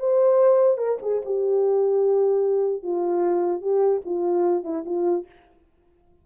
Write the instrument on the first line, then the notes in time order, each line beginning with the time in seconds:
horn
0.00 C5
0.78 A#4
1.02 G#4
1.25 G4
2.83 F4
3.62 G4
4.06 F4
4.64 E4
4.86 F4